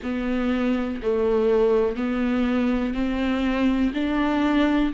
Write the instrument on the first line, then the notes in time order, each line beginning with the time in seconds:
viola
0.02 B3
1.02 A3
1.96 B3
2.93 C4
3.93 D4